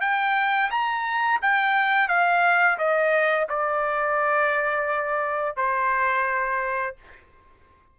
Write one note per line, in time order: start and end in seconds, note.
0.00 0.70 G5
0.70 1.40 A#5
1.41 2.08 G5
2.08 2.77 F5
2.78 3.48 D#5
3.49 5.56 D5
5.56 6.95 C5